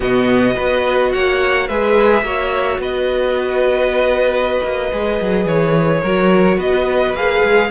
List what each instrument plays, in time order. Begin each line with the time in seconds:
0.00 cello B2, viola B3, violin F#4 D#5
0.54 cello B3, viola F#4, violin B4
1.12 cello A#3, violin C#5 F#5
1.67 cello G#3, viola G#4, violin B4 E5
2.22 cello A#3, viola F#4, violin C#5
2.78 cello B3, violin B4 D#5
4.63 cello A#3
4.92 cello G#3, viola G#4
5.20 cello F#3
5.45 cello E3, violin C#5
6.01 cello F#3, viola F#4, violin A#4
6.56 cello B3, violin B4 D#5
7.14 cello A#3, viola G#4, violin F5
7.42 cello G#3